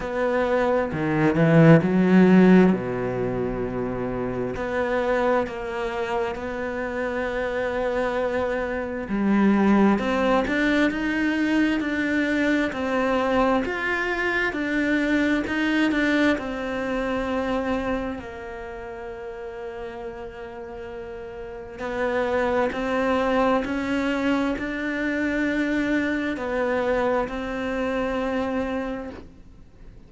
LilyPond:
\new Staff \with { instrumentName = "cello" } { \time 4/4 \tempo 4 = 66 b4 dis8 e8 fis4 b,4~ | b,4 b4 ais4 b4~ | b2 g4 c'8 d'8 | dis'4 d'4 c'4 f'4 |
d'4 dis'8 d'8 c'2 | ais1 | b4 c'4 cis'4 d'4~ | d'4 b4 c'2 | }